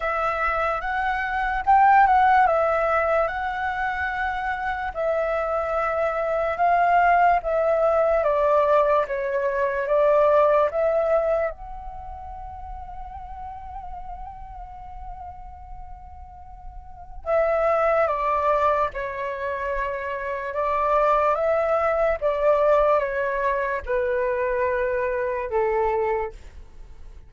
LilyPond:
\new Staff \with { instrumentName = "flute" } { \time 4/4 \tempo 4 = 73 e''4 fis''4 g''8 fis''8 e''4 | fis''2 e''2 | f''4 e''4 d''4 cis''4 | d''4 e''4 fis''2~ |
fis''1~ | fis''4 e''4 d''4 cis''4~ | cis''4 d''4 e''4 d''4 | cis''4 b'2 a'4 | }